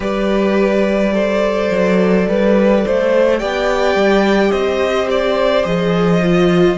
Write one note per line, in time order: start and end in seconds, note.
0.00 1.69 G3
0.00 1.10 G4
0.00 1.13 B4
0.00 3.38 D5
1.12 3.37 A4
1.12 2.27 C5
1.71 2.27 F#3
2.28 2.85 G3
2.28 2.85 B4
2.85 3.42 A3
2.85 3.39 C5
3.37 3.94 B3
3.37 5.63 G4
3.37 4.51 D5
3.37 4.51 G5
3.94 4.51 G3
4.51 5.64 C4
4.51 6.77 C5
4.51 5.07 D#5
5.10 5.65 D5
5.63 6.78 F3
5.63 6.19 G#4
5.63 6.78 D#5
6.23 6.78 F4